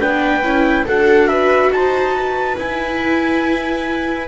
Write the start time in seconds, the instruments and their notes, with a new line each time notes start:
0.00 double bass B3, viola D4 B4, trumpet G5
0.43 double bass C#4, viola E4
0.86 double bass D4, viola F#4 A4, trumpet F#5
1.28 viola B4, trumpet E5
1.71 double bass D#4, viola C5, trumpet A5
2.16 viola B4
2.57 viola E4, double bass E4, trumpet G#5